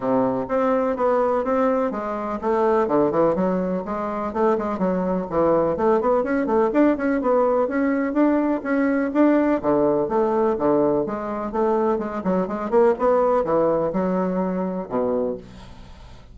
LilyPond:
\new Staff \with { instrumentName = "bassoon" } { \time 4/4 \tempo 4 = 125 c4 c'4 b4 c'4 | gis4 a4 d8 e8 fis4 | gis4 a8 gis8 fis4 e4 | a8 b8 cis'8 a8 d'8 cis'8 b4 |
cis'4 d'4 cis'4 d'4 | d4 a4 d4 gis4 | a4 gis8 fis8 gis8 ais8 b4 | e4 fis2 b,4 | }